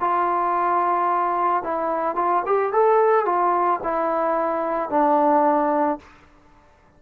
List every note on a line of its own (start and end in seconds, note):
0.00 1.63 F4
1.63 2.15 E4
2.15 2.42 F4
2.45 2.72 G4
2.72 3.25 A4
3.25 3.80 F4
3.83 4.89 E4
4.89 5.99 D4